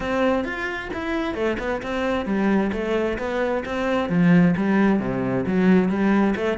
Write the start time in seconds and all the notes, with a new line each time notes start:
0.00 C4
0.44 F4
0.93 E4
1.34 A3
1.58 B3
1.82 C4
2.25 G3
2.72 A3
3.18 B3
3.65 C4
4.09 F3
4.56 G3
4.99 C3
5.46 F#3
5.88 G3
6.36 A3